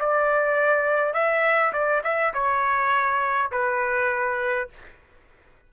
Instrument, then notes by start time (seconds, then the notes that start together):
trumpet
0.00 D5
1.14 E5
1.73 D5
2.04 E5
2.34 C#5
3.52 B4